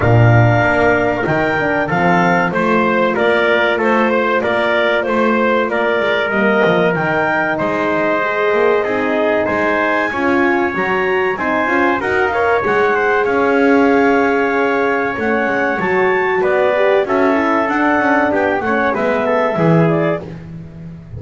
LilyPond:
<<
  \new Staff \with { instrumentName = "clarinet" } { \time 4/4 \tempo 4 = 95 f''2 g''4 f''4 | c''4 d''4 c''4 d''4 | c''4 d''4 dis''4 g''4 | dis''2. gis''4~ |
gis''4 ais''4 gis''4 fis''8 f''8 | fis''4 f''2. | fis''4 a''4 d''4 e''4 | fis''4 g''8 fis''8 e''4. d''8 | }
  \new Staff \with { instrumentName = "trumpet" } { \time 4/4 ais'2. a'4 | c''4 ais'4 a'8 c''8 ais'4 | c''4 ais'2. | c''2 gis'4 c''4 |
cis''2 c''4 ais'8 cis''8~ | cis''8 c''8 cis''2.~ | cis''2 b'4 a'4~ | a'4 g'8 cis''8 b'8 a'8 gis'4 | }
  \new Staff \with { instrumentName = "horn" } { \time 4/4 d'2 dis'8 d'8 c'4 | f'1~ | f'2 ais4 dis'4~ | dis'4 gis'4 dis'2 |
f'4 fis'4 dis'8 f'8 fis'8 ais'8 | gis'1 | cis'4 fis'4. g'8 fis'8 e'8 | d'4. cis'8 b4 e'4 | }
  \new Staff \with { instrumentName = "double bass" } { \time 4/4 ais,4 ais4 dis4 f4 | a4 ais4 a4 ais4 | a4 ais8 gis8 g8 f8 dis4 | gis4. ais8 c'4 gis4 |
cis'4 fis4 c'8 cis'8 dis'4 | gis4 cis'2. | a8 gis8 fis4 b4 cis'4 | d'8 cis'8 b8 a8 gis4 e4 | }
>>